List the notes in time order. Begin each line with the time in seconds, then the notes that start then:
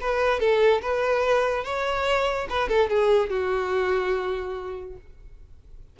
0.00 B4
0.39 A4
0.81 B4
1.64 C#5
2.49 B4
2.68 A4
2.89 G#4
3.29 F#4